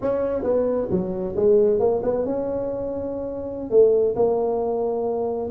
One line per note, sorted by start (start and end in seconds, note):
0.01 0.43 C#4
0.43 0.88 B3
0.90 1.35 F#3
1.36 1.79 G#3
1.79 2.01 A#3
2.03 2.25 B3
2.25 3.70 C#4
3.70 4.15 A3
4.15 5.49 A#3